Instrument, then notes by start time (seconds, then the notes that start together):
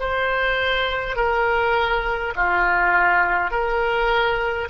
oboe
0.00 C5
1.17 A#4
2.36 F4
3.51 A#4